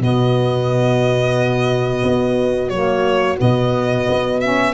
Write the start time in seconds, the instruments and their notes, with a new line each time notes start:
0.00 tuba B2, saxophone B3, horn F#4, violin D#5
2.03 tuba B3
2.69 tuba F#3, saxophone A#3, violin C#5
3.37 tuba B2, saxophone B3, violin D#5
4.08 tuba B3
4.40 saxophone C#4, violin E5